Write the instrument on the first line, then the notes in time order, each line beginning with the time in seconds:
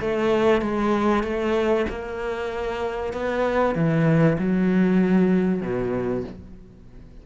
cello
0.00 A3
0.61 G#3
1.23 A3
1.89 A#3
3.13 B3
3.74 E3
4.38 F#3
5.61 B2